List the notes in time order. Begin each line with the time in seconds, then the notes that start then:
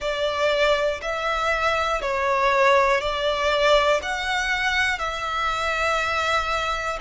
0.00 D5
1.01 E5
2.01 C#5
3.00 D5
4.02 F#5
4.99 E5